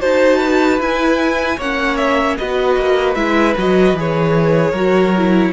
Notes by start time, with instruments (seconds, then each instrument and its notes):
0.00 cello D#4, viola F#4, violin C5 A5
0.38 violin B4
0.78 cello E4, viola E4, violin G#5
1.57 cello A#3, viola C#4, violin C#5 F#5
1.96 violin E5
2.37 cello B3, viola F#4, violin B4 D#5
2.76 cello A#3
3.14 cello G#3, viola E4, violin E5
3.57 cello F#3, viola F#4, violin D#5
3.93 cello E3, viola G#4
3.99 violin C#5
4.71 cello F#3, viola F#4, violin A#4
5.17 viola E4